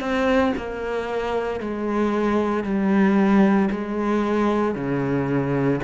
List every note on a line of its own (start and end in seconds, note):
0.00 0.53 C4
0.57 1.60 A#3
1.60 2.64 G#3
2.64 3.69 G3
3.71 4.75 G#3
4.75 5.80 C#3